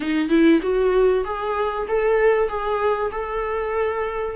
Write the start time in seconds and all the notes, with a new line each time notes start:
0.00 D#4
0.29 E4
0.62 F#4
1.24 G#4
1.88 A4
2.48 G#4
3.11 A4